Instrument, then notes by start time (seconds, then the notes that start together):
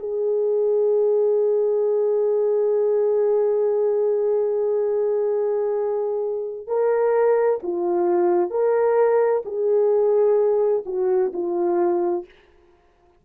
horn
0.00 G#4
6.68 A#4
7.63 F4
8.51 A#4
9.46 G#4
10.86 F#4
11.33 F4